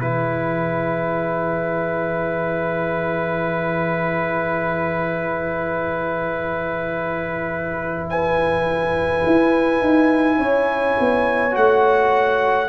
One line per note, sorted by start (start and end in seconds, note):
0.00 9.24 E3
0.00 11.51 E4
0.00 8.08 G#4
0.00 8.08 B4
8.10 10.38 B4
8.10 11.56 G#5
9.26 9.81 E4
9.81 10.38 D#4
10.38 10.96 C#4
10.38 12.69 C#5
11.00 11.57 B3
11.51 12.69 A3
11.51 12.67 F#4
11.51 12.69 F#5